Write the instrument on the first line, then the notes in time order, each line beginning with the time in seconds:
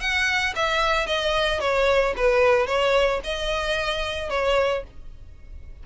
violin
0.00 F#5
0.55 E5
1.06 D#5
1.60 C#5
2.16 B4
2.67 C#5
3.24 D#5
4.30 C#5